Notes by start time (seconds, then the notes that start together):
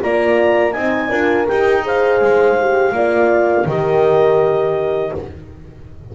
0.00 A#3 F4 D5 A#5
0.72 C4 D#4 D#5 G#5
1.10 D4 F4 A#4
1.48 D#4 G4 G5
1.82 G#4 C5 F5
2.21 G#3
2.60 G4
2.92 A#3 F4 D5
3.66 D#3 G4 A#4 D#5